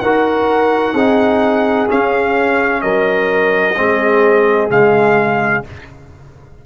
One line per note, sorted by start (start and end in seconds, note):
0.00 0.94 D#4
0.00 0.97 F#4
0.00 0.94 A#4
0.00 1.88 F#5
0.94 1.87 C4
0.94 1.88 D#4
0.94 2.82 G#4
1.88 3.75 C#4
1.88 2.83 C#4
1.88 2.81 F5
2.81 3.77 F#3
2.81 3.77 A#4
2.81 4.69 D#5
3.76 4.70 G#3
3.76 4.70 C4
3.76 5.66 G#4
4.70 5.64 C#3
4.70 5.64 G#3
4.70 5.65 F5